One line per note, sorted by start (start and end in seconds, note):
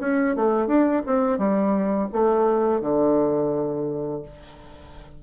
0.00 0.35 C#4
0.35 0.67 A3
0.67 1.02 D4
1.06 1.38 C4
1.38 2.09 G3
2.12 2.81 A3
2.81 4.22 D3